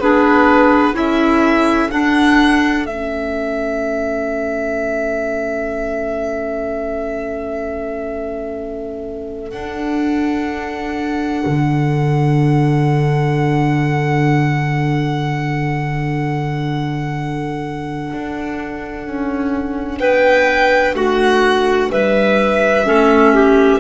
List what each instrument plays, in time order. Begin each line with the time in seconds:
0.00 double bass B3, clarinet D4 G#4, violin B4
0.94 double bass C#4, clarinet E4 A4, violin E5
1.91 clarinet D4, double bass D4, violin F#5
2.86 double bass A3, clarinet C#4, violin E5
9.51 double bass D4, clarinet D4, violin F#5
11.46 double bass D3
18.13 double bass D4
19.07 double bass C#4
19.99 double bass B3, clarinet B4, violin G5
20.94 double bass A3, clarinet F#4, violin F#5
21.91 double bass G3, clarinet B4, violin E5
22.86 double bass A3, clarinet C#4 A4
23.34 clarinet G4